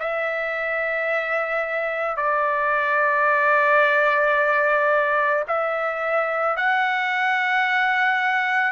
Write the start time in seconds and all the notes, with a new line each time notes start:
0.00 E5
2.17 D5
5.48 E5
6.57 F#5